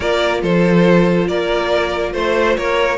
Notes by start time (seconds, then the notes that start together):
0.00 A#3 F4 A#4 D5
0.42 F3 A4 C5
1.27 A#3 A#4 D5
2.13 A3 C5
2.56 A#3 A#4 C#5